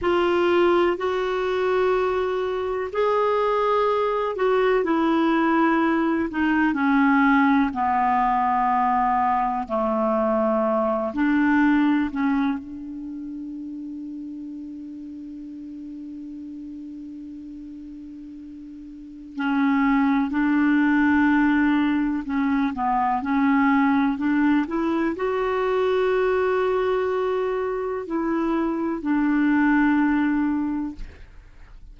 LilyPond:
\new Staff \with { instrumentName = "clarinet" } { \time 4/4 \tempo 4 = 62 f'4 fis'2 gis'4~ | gis'8 fis'8 e'4. dis'8 cis'4 | b2 a4. d'8~ | d'8 cis'8 d'2.~ |
d'1 | cis'4 d'2 cis'8 b8 | cis'4 d'8 e'8 fis'2~ | fis'4 e'4 d'2 | }